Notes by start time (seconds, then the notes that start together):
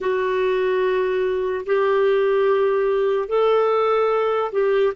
0.00 F#4
1.66 G4
3.28 A4
4.52 G4